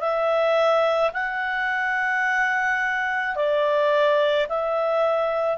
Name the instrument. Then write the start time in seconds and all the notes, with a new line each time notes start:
clarinet
0.00 E5
1.14 F#5
3.36 D5
4.49 E5